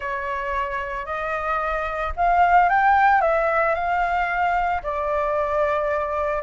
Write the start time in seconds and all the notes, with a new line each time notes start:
0.00 C#5
1.05 D#5
2.16 F5
2.69 G5
3.21 E5
3.74 F5
4.82 D5